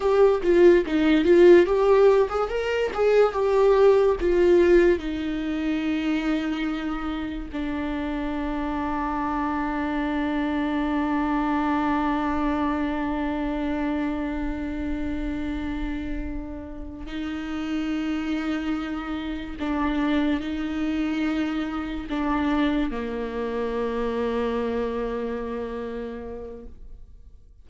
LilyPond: \new Staff \with { instrumentName = "viola" } { \time 4/4 \tempo 4 = 72 g'8 f'8 dis'8 f'8 g'8. gis'16 ais'8 gis'8 | g'4 f'4 dis'2~ | dis'4 d'2.~ | d'1~ |
d'1~ | d'8 dis'2. d'8~ | d'8 dis'2 d'4 ais8~ | ais1 | }